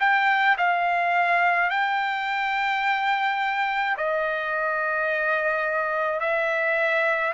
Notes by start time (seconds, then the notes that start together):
0.00 G5
0.58 F5
1.70 G5
3.97 D#5
6.20 E5